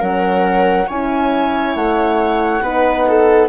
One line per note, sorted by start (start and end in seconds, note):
0.00 0.89 F#3
0.00 0.87 C#4
0.00 0.87 A#4
0.00 0.89 F#5
0.87 1.76 C#4
0.87 2.63 E4
0.87 2.61 C#5
0.87 1.76 G#5
1.76 2.62 A3
1.76 3.49 F#5
2.62 3.49 B3
2.62 3.49 D#4
2.62 3.08 B4
3.09 3.49 A4